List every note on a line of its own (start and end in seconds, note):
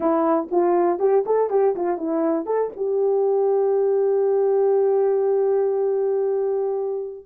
0.00 0.48 E4
0.51 0.99 F4
0.99 1.24 G4
1.26 1.50 A4
1.50 1.75 G4
1.75 1.97 F4
1.97 2.45 E4
2.45 2.70 A4
2.76 7.25 G4